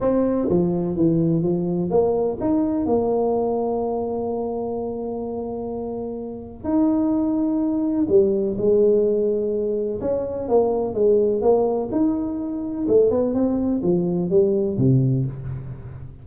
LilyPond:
\new Staff \with { instrumentName = "tuba" } { \time 4/4 \tempo 4 = 126 c'4 f4 e4 f4 | ais4 dis'4 ais2~ | ais1~ | ais2 dis'2~ |
dis'4 g4 gis2~ | gis4 cis'4 ais4 gis4 | ais4 dis'2 a8 b8 | c'4 f4 g4 c4 | }